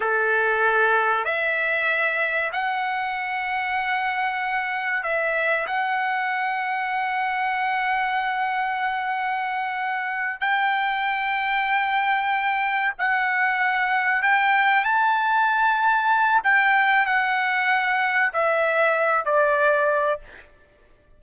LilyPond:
\new Staff \with { instrumentName = "trumpet" } { \time 4/4 \tempo 4 = 95 a'2 e''2 | fis''1 | e''4 fis''2.~ | fis''1~ |
fis''8 g''2.~ g''8~ | g''8 fis''2 g''4 a''8~ | a''2 g''4 fis''4~ | fis''4 e''4. d''4. | }